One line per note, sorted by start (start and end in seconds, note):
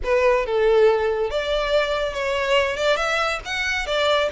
0.03 0.46 B4
0.46 1.30 A4
1.30 2.13 D5
2.13 2.76 C#5
2.76 2.96 D5
2.96 3.39 E5
3.45 3.86 F#5
3.86 4.29 D5